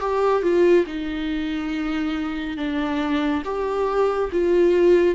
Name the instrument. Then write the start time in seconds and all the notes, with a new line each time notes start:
viola
0.00 G4
0.42 F4
0.86 D#4
2.57 D4
3.44 G4
4.32 F4